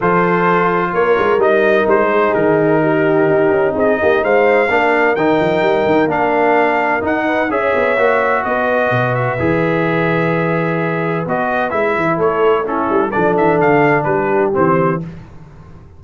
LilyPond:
<<
  \new Staff \with { instrumentName = "trumpet" } { \time 4/4 \tempo 4 = 128 c''2 cis''4 dis''4 | c''4 ais'2. | dis''4 f''2 g''4~ | g''4 f''2 fis''4 |
e''2 dis''4. e''8~ | e''1 | dis''4 e''4 cis''4 a'4 | d''8 e''8 f''4 b'4 c''4 | }
  \new Staff \with { instrumentName = "horn" } { \time 4/4 a'2 ais'2~ | ais'8 gis'4. g'2 | gis'8 g'8 c''4 ais'2~ | ais'2.~ ais'8 b'8 |
cis''2 b'2~ | b'1~ | b'2 a'4 e'4 | a'2 g'2 | }
  \new Staff \with { instrumentName = "trombone" } { \time 4/4 f'2. dis'4~ | dis'1~ | dis'2 d'4 dis'4~ | dis'4 d'2 dis'4 |
gis'4 fis'2. | gis'1 | fis'4 e'2 cis'4 | d'2. c'4 | }
  \new Staff \with { instrumentName = "tuba" } { \time 4/4 f2 ais8 gis8 g4 | gis4 dis2 dis'8 cis'8 | c'8 ais8 gis4 ais4 dis8 f8 | g8 dis8 ais2 dis'4 |
cis'8 b8 ais4 b4 b,4 | e1 | b4 gis8 e8 a4. g8 | f8 e8 d4 g4 e4 | }
>>